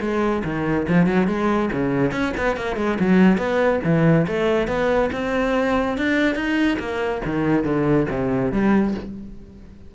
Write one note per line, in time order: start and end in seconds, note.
0.00 0.43 G#3
0.44 0.87 D#3
0.88 1.06 F3
1.06 1.27 F#3
1.27 1.69 G#3
1.72 2.11 C#3
2.11 2.32 C#4
2.37 2.56 B3
2.56 2.76 A#3
2.76 2.97 G#3
2.99 3.37 F#3
3.37 3.80 B3
3.84 4.26 E3
4.27 4.67 A3
4.67 5.10 B3
5.12 5.97 C4
5.97 6.35 D4
6.35 6.77 D#4
6.79 7.21 A#3
7.25 7.64 D#3
7.64 8.06 D3
8.10 8.51 C3
8.51 8.94 G3